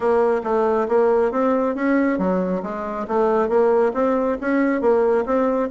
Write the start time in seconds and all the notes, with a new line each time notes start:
0.00 A#3
0.43 A3
0.88 A#3
1.31 C4
1.75 C#4
2.18 F#3
2.62 G#3
3.07 A3
3.48 A#3
3.93 C4
4.40 C#4
4.81 A#3
5.25 C4